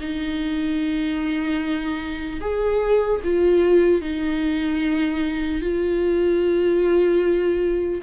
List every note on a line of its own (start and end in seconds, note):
0.00 2.40 D#4
2.41 3.21 G#4
3.24 4.01 F4
4.01 5.61 D#4
5.61 8.01 F4